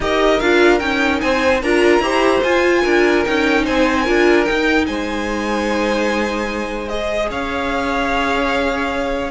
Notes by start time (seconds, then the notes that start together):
0.00 D#4 G4 A#4 D#5
0.39 D4 F4 F5
0.79 C#4 D#4 G5
1.20 C4 C5 G#5
1.62 D4 F4 A#4 A#5
1.99 E4 G4 C5
2.43 F4 G#5
2.81 D4 A#4
3.24 C#4 D#4 G5
3.64 C4 C5 G#5
4.03 D4 F4 A#4
4.44 D#4 G5
4.86 G#3 C5 G#5
6.88 G#4 D#5
7.30 C#4 C#5 F5